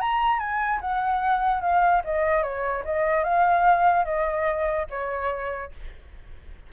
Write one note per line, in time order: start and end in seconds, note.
0.00 0.39 A#5
0.39 0.80 G#5
0.81 1.61 F#5
1.61 2.02 F5
2.04 2.42 D#5
2.42 2.83 C#5
2.84 3.24 D#5
3.24 4.05 F5
4.05 4.86 D#5
4.90 5.71 C#5